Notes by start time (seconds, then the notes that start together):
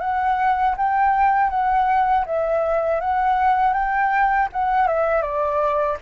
0.00 F#5
0.77 G5
1.50 F#5
2.25 E5
3.00 F#5
3.73 G5
4.52 F#5
4.87 E5
5.22 D5